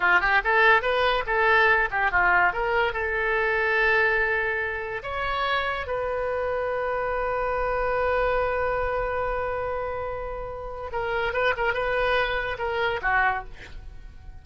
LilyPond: \new Staff \with { instrumentName = "oboe" } { \time 4/4 \tempo 4 = 143 f'8 g'8 a'4 b'4 a'4~ | a'8 g'8 f'4 ais'4 a'4~ | a'1 | cis''2 b'2~ |
b'1~ | b'1~ | b'2 ais'4 b'8 ais'8 | b'2 ais'4 fis'4 | }